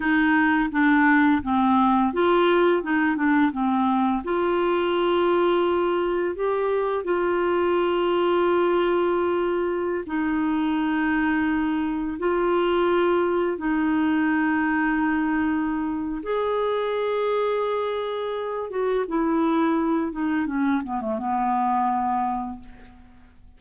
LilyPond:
\new Staff \with { instrumentName = "clarinet" } { \time 4/4 \tempo 4 = 85 dis'4 d'4 c'4 f'4 | dis'8 d'8 c'4 f'2~ | f'4 g'4 f'2~ | f'2~ f'16 dis'4.~ dis'16~ |
dis'4~ dis'16 f'2 dis'8.~ | dis'2. gis'4~ | gis'2~ gis'8 fis'8 e'4~ | e'8 dis'8 cis'8 b16 a16 b2 | }